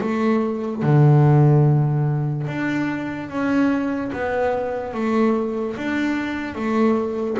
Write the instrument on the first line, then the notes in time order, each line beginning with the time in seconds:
double bass
0.00 A3
0.82 D3
2.47 D4
3.28 C#4
4.12 B3
4.93 A3
5.76 D4
6.55 A3